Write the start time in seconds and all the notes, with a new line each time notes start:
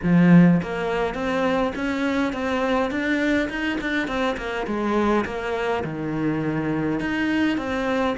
0.03 F3
0.62 A#3
1.14 C4
1.75 C#4
2.32 C4
2.90 D4
3.49 D#4
3.80 D4
4.07 C4
4.37 A#3
4.66 G#3
5.25 A#3
5.84 D#3
7.00 D#4
7.57 C4